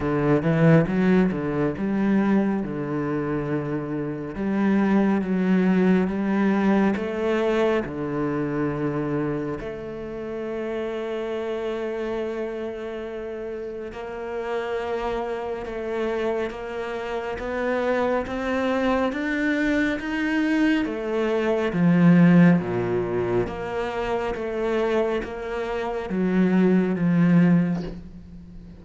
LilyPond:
\new Staff \with { instrumentName = "cello" } { \time 4/4 \tempo 4 = 69 d8 e8 fis8 d8 g4 d4~ | d4 g4 fis4 g4 | a4 d2 a4~ | a1 |
ais2 a4 ais4 | b4 c'4 d'4 dis'4 | a4 f4 ais,4 ais4 | a4 ais4 fis4 f4 | }